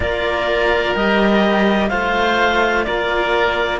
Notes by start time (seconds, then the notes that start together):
0.00 A#3 F4 A#4 D5
0.94 G3 G4 D#5
1.89 A3 F4 C5 F5
2.84 A#3 A#4 D5